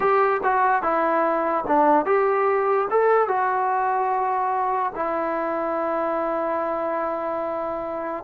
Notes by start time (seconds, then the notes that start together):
0.00 G4
0.43 F#4
0.82 E4
1.67 D4
2.05 G4
2.90 A4
3.28 F#4
4.95 E4